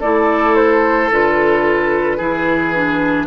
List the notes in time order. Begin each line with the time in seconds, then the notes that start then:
0.00 A3 E4 A4 D5
0.55 C5
1.10 D3 F4 B4
2.17 E3 E4 G#4
2.74 D4